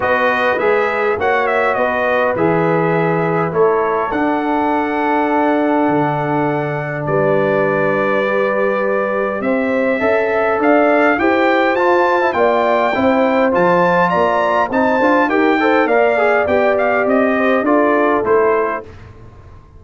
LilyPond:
<<
  \new Staff \with { instrumentName = "trumpet" } { \time 4/4 \tempo 4 = 102 dis''4 e''4 fis''8 e''8 dis''4 | e''2 cis''4 fis''4~ | fis''1 | d''1 |
e''2 f''4 g''4 | a''4 g''2 a''4 | ais''4 a''4 g''4 f''4 | g''8 f''8 dis''4 d''4 c''4 | }
  \new Staff \with { instrumentName = "horn" } { \time 4/4 b'2 cis''4 b'4~ | b'2 a'2~ | a'1 | b'1 |
c''4 e''4 d''4 c''4~ | c''4 d''4 c''2 | d''4 c''4 ais'8 c''8 d''4~ | d''4. c''8 a'2 | }
  \new Staff \with { instrumentName = "trombone" } { \time 4/4 fis'4 gis'4 fis'2 | gis'2 e'4 d'4~ | d'1~ | d'2 g'2~ |
g'4 a'2 g'4 | f'8. e'16 f'4 e'4 f'4~ | f'4 dis'8 f'8 g'8 a'8 ais'8 gis'8 | g'2 f'4 e'4 | }
  \new Staff \with { instrumentName = "tuba" } { \time 4/4 b4 gis4 ais4 b4 | e2 a4 d'4~ | d'2 d2 | g1 |
c'4 cis'4 d'4 e'4 | f'4 ais4 c'4 f4 | ais4 c'8 d'8 dis'4 ais4 | b4 c'4 d'4 a4 | }
>>